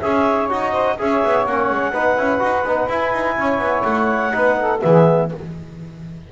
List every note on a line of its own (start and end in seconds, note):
0.00 0.50 C#4
0.00 0.49 G#4
0.00 0.71 C#5
0.00 0.48 E5
0.49 0.98 D#4
0.49 0.97 F#4
0.49 0.99 D#5
0.71 0.95 C5
0.98 1.24 C#4
0.98 1.46 G#4
0.98 1.92 C#5
0.98 1.46 E5
1.24 1.46 B3
1.46 1.70 A#3
1.46 1.93 C#4
1.46 2.90 F#5
1.70 1.93 G#3
1.92 2.17 B3
1.92 2.17 D#4
1.92 3.35 B4
2.17 2.42 C#4
2.17 2.40 E4
2.40 2.64 D#4
2.40 2.64 F#4
2.64 2.88 B3
2.64 2.89 D#4
2.89 3.13 E4
2.89 4.32 E4
2.89 3.83 G#5
3.13 3.37 D#4
3.37 3.58 C#4
3.37 4.34 C#5
3.58 3.83 B3
3.83 4.33 A3
3.83 4.79 F#5
4.32 4.82 B3
4.32 4.80 D#4
4.32 4.58 B4
4.59 4.83 A4
4.80 5.32 E3
4.80 5.29 B3
4.80 5.31 G#4
4.80 5.29 E5